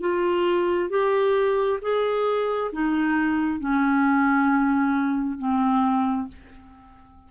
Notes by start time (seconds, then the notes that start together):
0.00 F4
0.89 G4
1.81 G#4
2.72 D#4
3.59 C#4
5.38 C4